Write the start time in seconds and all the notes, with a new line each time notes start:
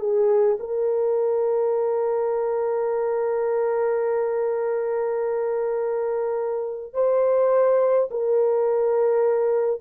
0.00 G#4
0.60 A#4
6.94 C5
8.11 A#4